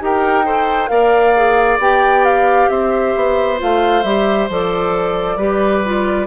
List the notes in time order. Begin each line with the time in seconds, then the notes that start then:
0.00 D#4 G4 A#4 G5
0.45 A4 C5
0.88 A#3 A#4 D5 F5
1.36 G#4
1.79 B3 G4 G5
2.25 F5
2.69 C4 C5 E5
3.16 B3
3.58 A3 F4 F5
4.03 G3 G4 E5
4.49 F3 A4 D5
5.37 G3 G4 B4
5.85 F4